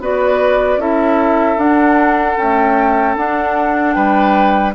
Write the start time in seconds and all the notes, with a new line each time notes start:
0.00 B3 F#4 B4 D5
0.77 C#4 E4 A4 E5
1.57 D4 F#5
2.37 A3 C#4 G5
3.15 D4 F#5
3.93 G3 B4 G5